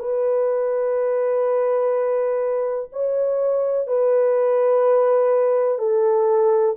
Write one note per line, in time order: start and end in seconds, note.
0.00 2.90 B4
2.93 3.88 C#5
3.88 5.79 B4
5.79 6.76 A4